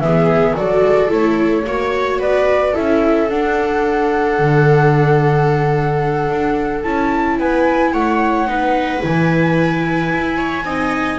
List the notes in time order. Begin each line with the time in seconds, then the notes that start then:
0.00 E3 B3 G#4 E5
0.56 F#3 F#4 A4 D5
0.84 G#3
1.09 A3 E4 C#5
1.66 A#3 F#4 C#5
2.19 B3 B4 D5
2.73 C#4 E4 A4 E5
3.30 D4 F#5
4.39 D3
6.29 D4
6.83 C#4 E4 A5
7.39 B3 B4 G#5
7.93 A3 C#5 F#5
8.47 B3 D#4 B4
9.00 E3 E4 G#5
10.13 E4
10.37 C#5
10.65 C4 D#4 D#5